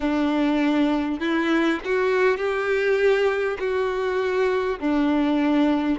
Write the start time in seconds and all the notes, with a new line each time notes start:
0.00 D4
1.20 E4
1.84 F#4
2.37 G4
3.59 F#4
4.79 D4